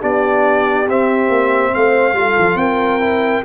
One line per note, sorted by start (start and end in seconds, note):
0.00 0.88 B3
0.00 0.87 D4
0.00 1.71 G4
0.00 0.89 D5
0.88 1.29 C4
0.88 2.15 C4
0.88 1.74 E5
1.29 1.72 A#3
1.73 2.13 A3
1.73 2.16 C5
1.73 2.57 F5
2.13 2.34 G3
2.13 3.00 F4
2.13 2.59 A4
2.38 2.55 F3
2.55 3.41 C4
2.55 3.45 A#4
2.55 3.43 G5
3.00 3.43 E4